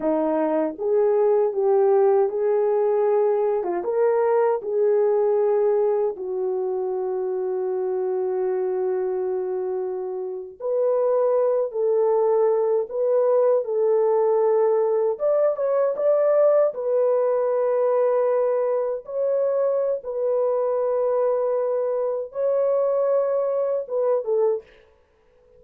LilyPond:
\new Staff \with { instrumentName = "horn" } { \time 4/4 \tempo 4 = 78 dis'4 gis'4 g'4 gis'4~ | gis'8. f'16 ais'4 gis'2 | fis'1~ | fis'4.~ fis'16 b'4. a'8.~ |
a'8. b'4 a'2 d''16~ | d''16 cis''8 d''4 b'2~ b'16~ | b'8. cis''4~ cis''16 b'2~ | b'4 cis''2 b'8 a'8 | }